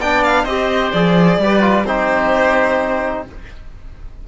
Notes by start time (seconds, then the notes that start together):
0.00 B3 D4 D5 G5
0.24 F5
0.44 C4 G4 C5 D#5
0.92 F3 G#4 D5
1.38 G3 G4 B4
1.61 F4
1.85 C4 D#4 G4 C5